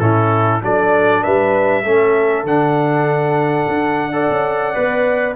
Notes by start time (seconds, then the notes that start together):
0.00 A2 C#4 E4 A4
0.62 F#3 D4 A4 D5
1.24 G3 B4 E5
1.84 A3 C#4 A4
2.44 D3 D4 F#5
3.68 D4
4.13 A4 D5
4.30 C#4
4.74 B3 B4